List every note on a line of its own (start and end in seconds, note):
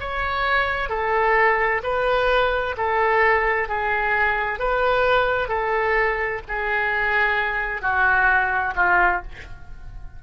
0.00 0.89 C#5
0.89 1.82 A4
1.83 2.76 B4
2.77 3.68 A4
3.68 4.59 G#4
4.59 5.48 B4
5.48 6.41 A4
6.48 7.82 G#4
7.82 8.74 F#4
8.76 9.22 F4